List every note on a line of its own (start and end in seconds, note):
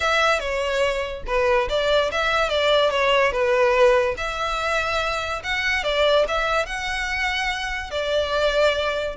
0.00 0.39 E5
0.39 1.23 C#5
1.26 1.68 B4
1.69 2.10 D5
2.11 2.49 E5
2.49 2.90 D5
2.90 3.31 C#5
3.32 4.15 B4
4.17 5.42 E5
5.43 5.83 F#5
5.83 6.25 D5
6.28 6.66 E5
6.66 7.91 F#5
7.91 9.16 D5